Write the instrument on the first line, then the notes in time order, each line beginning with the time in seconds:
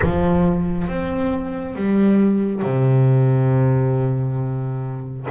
double bass
0.02 F3
0.87 C4
1.75 G3
2.62 C3